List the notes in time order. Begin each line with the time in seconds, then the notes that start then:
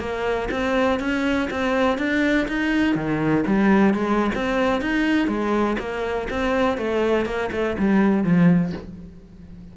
0.00 A#3
0.51 C4
1.00 C#4
1.50 C4
1.98 D4
2.48 D#4
2.95 D#3
3.46 G3
3.94 G#3
4.35 C4
4.82 D#4
5.28 G#3
5.79 A#3
6.30 C4
6.78 A3
7.26 A#3
7.52 A3
7.79 G3
8.24 F3